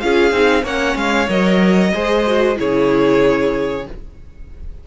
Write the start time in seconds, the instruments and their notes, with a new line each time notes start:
0.00 cello C#4, viola F4, violin G#4 F5
0.31 cello C4, viola D#4
0.63 cello A#3, viola C#4, violin C#5 F#5
0.96 cello G#3, violin F5
1.29 cello F#3, viola A#4, violin D#5
1.93 cello G#3, viola G#4, violin C5
2.27 viola F#4
2.56 cello C#3, viola E4, violin G#4 C#5